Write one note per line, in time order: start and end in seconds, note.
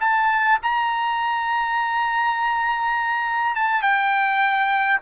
0.00 0.59 A5
0.62 3.55 A#5
3.55 3.82 A5
3.82 4.99 G5